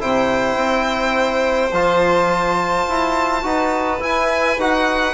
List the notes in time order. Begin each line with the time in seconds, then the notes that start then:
0.00 C3 E4 C5 G5
0.56 C4
1.72 F3 F4 A5
2.89 E4
3.42 D#4 F#4 B4
4.00 E4 G#5
4.58 D#4 F#4 F#5